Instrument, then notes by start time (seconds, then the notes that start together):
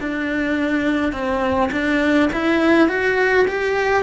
cello
0.00 D4
1.12 C4
1.72 D4
2.33 E4
2.88 F#4
3.48 G4